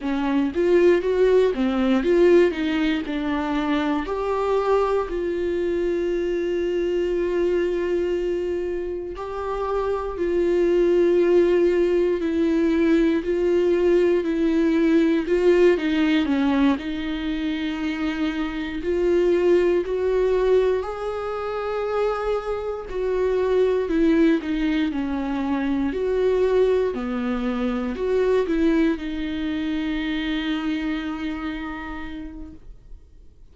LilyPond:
\new Staff \with { instrumentName = "viola" } { \time 4/4 \tempo 4 = 59 cis'8 f'8 fis'8 c'8 f'8 dis'8 d'4 | g'4 f'2.~ | f'4 g'4 f'2 | e'4 f'4 e'4 f'8 dis'8 |
cis'8 dis'2 f'4 fis'8~ | fis'8 gis'2 fis'4 e'8 | dis'8 cis'4 fis'4 b4 fis'8 | e'8 dis'2.~ dis'8 | }